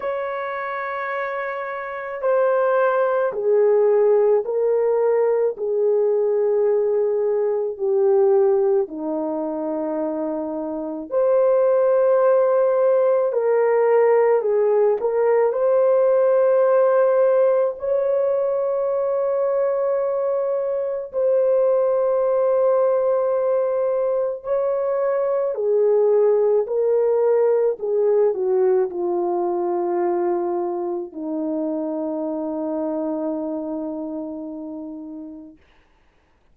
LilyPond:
\new Staff \with { instrumentName = "horn" } { \time 4/4 \tempo 4 = 54 cis''2 c''4 gis'4 | ais'4 gis'2 g'4 | dis'2 c''2 | ais'4 gis'8 ais'8 c''2 |
cis''2. c''4~ | c''2 cis''4 gis'4 | ais'4 gis'8 fis'8 f'2 | dis'1 | }